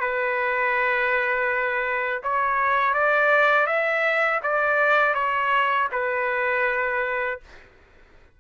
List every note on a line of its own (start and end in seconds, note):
0.00 2.22 B4
2.23 2.94 C#5
2.94 3.66 D5
3.66 4.40 E5
4.43 5.14 D5
5.14 5.88 C#5
5.92 7.40 B4